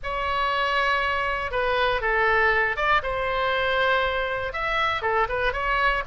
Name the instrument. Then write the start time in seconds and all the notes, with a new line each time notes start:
oboe
0.03 C#5
1.51 B4
2.01 A4
2.76 D5
3.03 C5
4.52 E5
5.02 A4
5.28 B4
5.52 C#5